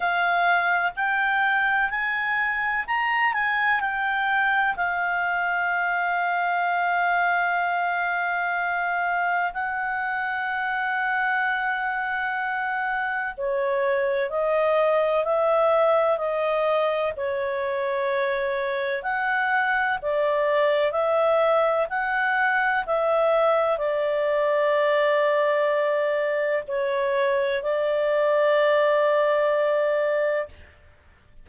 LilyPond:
\new Staff \with { instrumentName = "clarinet" } { \time 4/4 \tempo 4 = 63 f''4 g''4 gis''4 ais''8 gis''8 | g''4 f''2.~ | f''2 fis''2~ | fis''2 cis''4 dis''4 |
e''4 dis''4 cis''2 | fis''4 d''4 e''4 fis''4 | e''4 d''2. | cis''4 d''2. | }